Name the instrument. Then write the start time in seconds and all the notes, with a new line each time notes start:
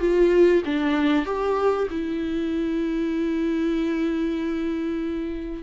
viola
0.00 F4
0.65 D4
1.26 G4
1.91 E4